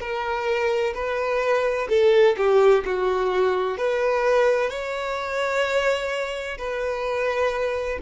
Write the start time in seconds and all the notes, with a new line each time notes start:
0.00 A#4
0.95 B4
1.90 A4
2.37 G4
2.86 F#4
3.78 B4
4.70 C#5
6.58 B4